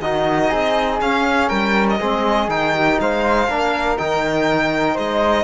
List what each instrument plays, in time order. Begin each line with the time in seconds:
0.00 cello D#3, trombone D#4, flute F#4, violin D#5
0.49 cello C4, flute G#4
1.01 trombone C#4, cello C#4, violin F5
1.48 cello G3, flute A#4, violin G5
1.89 violin D#5
1.99 cello G#3, trombone C4, flute G#4
2.48 cello D#3, trombone D#4, violin G5
2.75 flute G4
3.01 cello G#3, flute C5, violin F5
3.47 cello A#3, trombone D4, flute A#4
3.98 cello D#3, trombone D#4, violin G5
4.94 cello G#3, flute C5, violin D#5